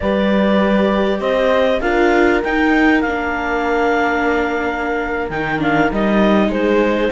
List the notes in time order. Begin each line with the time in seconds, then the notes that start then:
0.00 G3 G4 B4 D5
1.19 C4 C5 D#5
1.80 D4 F4 A#4 F5
2.43 D#4 G5
3.01 A#3 D4 F5
5.29 D#3 D#4 G5
5.59 D4 F5
5.91 G3 D#4 D#5
6.48 G#3 G#4 C5